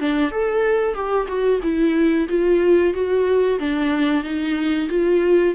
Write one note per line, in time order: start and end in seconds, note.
0.00 0.31 D4
0.31 0.95 A4
0.95 1.27 G4
1.28 1.61 F#4
1.63 2.28 E4
2.29 2.94 F4
2.94 3.59 F#4
3.59 4.24 D4
4.24 4.89 D#4
4.89 5.55 F4